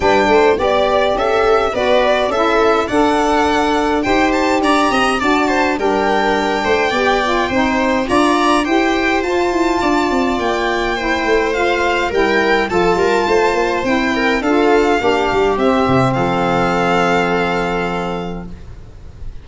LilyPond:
<<
  \new Staff \with { instrumentName = "violin" } { \time 4/4 \tempo 4 = 104 g''4 d''4 e''4 d''4 | e''4 fis''2 g''8 a''8 | ais''4 a''4 g''2~ | g''2 ais''4 g''4 |
a''2 g''2 | f''4 g''4 a''2 | g''4 f''2 e''4 | f''1 | }
  \new Staff \with { instrumentName = "viola" } { \time 4/4 b'8 c''8 d''4 a'4 b'4 | a'4 d''2 c''4 | d''8 dis''8 d''8 c''8 ais'4. c''8 | d''4 c''4 d''4 c''4~ |
c''4 d''2 c''4~ | c''4 ais'4 a'8 ais'8 c''4~ | c''8 ais'8 a'4 g'2 | a'1 | }
  \new Staff \with { instrumentName = "saxophone" } { \time 4/4 d'4 g'2 fis'4 | e'4 a'2 g'4~ | g'4 fis'4 d'2 | g'8 f'8 dis'4 f'4 g'4 |
f'2. e'4 | f'4 e'4 f'2 | e'4 f'4 d'4 c'4~ | c'1 | }
  \new Staff \with { instrumentName = "tuba" } { \time 4/4 g8 a8 b4 cis'4 b4 | cis'4 d'2 dis'4 | d'8 c'8 d'4 g4. a8 | b4 c'4 d'4 e'4 |
f'8 e'8 d'8 c'8 ais4. a8~ | a4 g4 f8 g8 a8 ais8 | c'4 d'4 ais8 g8 c'8 c8 | f1 | }
>>